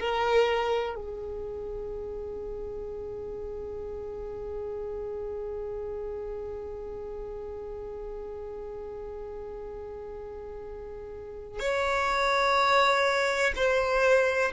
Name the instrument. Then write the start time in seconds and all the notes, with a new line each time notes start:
violin
0.00 A#4
0.95 G#4
11.60 C#5
13.56 C5